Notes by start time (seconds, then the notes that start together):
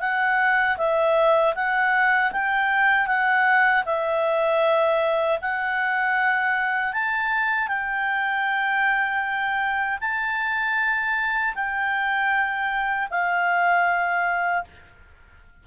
0.00 F#5
0.77 E5
1.55 F#5
2.32 G5
3.07 F#5
3.85 E5
5.42 F#5
6.93 A5
7.68 G5
10.00 A5
11.55 G5
13.10 F5